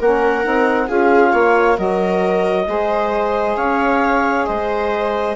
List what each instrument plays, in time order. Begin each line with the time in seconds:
0.00 bassoon A#3, saxophone C#4, viola A#4, clarinet F#5
0.44 bassoon C4, saxophone D#4
0.88 bassoon C#4, saxophone F4, viola G#4, clarinet F5
1.33 bassoon A#3, viola C#5
1.76 bassoon F#3, saxophone F#4, viola A#4, clarinet D#5
2.68 bassoon G#3, saxophone G#4, viola C5
3.57 bassoon C#4, viola C#5, clarinet F5
4.46 bassoon G#3, viola C5, clarinet D#5